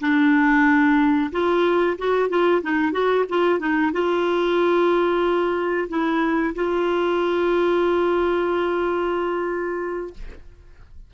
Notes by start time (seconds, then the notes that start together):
0.00 D4
1.32 F4
1.98 F#4
2.29 F4
2.62 D#4
2.92 F#4
3.29 F4
3.59 D#4
3.92 F4
5.89 E4
6.55 F4